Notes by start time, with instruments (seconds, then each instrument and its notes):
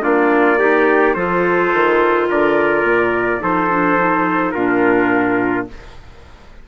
0.00 bassoon A#3, clarinet D4, trumpet F4 D5
0.58 clarinet D#4, trumpet G4
1.14 bassoon F3, clarinet F4, trumpet A4 C5
1.73 bassoon D#3
2.29 bassoon D3, trumpet A#4 D5
2.83 bassoon A#2
3.39 bassoon F3, clarinet D#4, trumpet A4 C5
3.70 clarinet D4
3.98 clarinet D#4
4.51 bassoon A#2, clarinet D4, trumpet F4 A#4